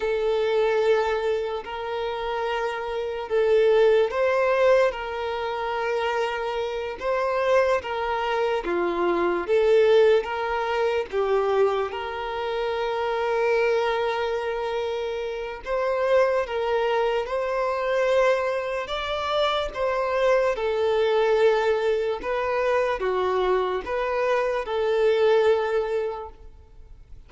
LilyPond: \new Staff \with { instrumentName = "violin" } { \time 4/4 \tempo 4 = 73 a'2 ais'2 | a'4 c''4 ais'2~ | ais'8 c''4 ais'4 f'4 a'8~ | a'8 ais'4 g'4 ais'4.~ |
ais'2. c''4 | ais'4 c''2 d''4 | c''4 a'2 b'4 | fis'4 b'4 a'2 | }